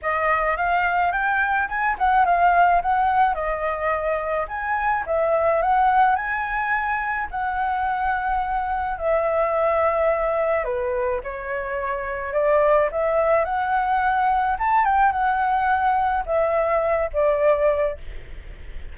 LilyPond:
\new Staff \with { instrumentName = "flute" } { \time 4/4 \tempo 4 = 107 dis''4 f''4 g''4 gis''8 fis''8 | f''4 fis''4 dis''2 | gis''4 e''4 fis''4 gis''4~ | gis''4 fis''2. |
e''2. b'4 | cis''2 d''4 e''4 | fis''2 a''8 g''8 fis''4~ | fis''4 e''4. d''4. | }